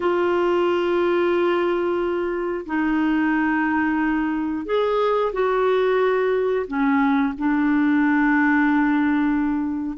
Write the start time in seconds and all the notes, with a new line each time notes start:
0.00 F4
2.66 D#4
4.65 G#4
5.32 F#4
6.67 C#4
7.38 D4